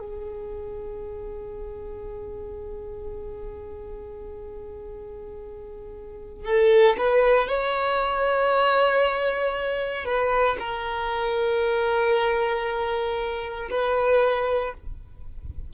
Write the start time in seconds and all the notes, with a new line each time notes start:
0.00 G#4
6.46 A4
6.98 B4
7.48 C#5
10.06 B4
10.60 A#4
13.71 B4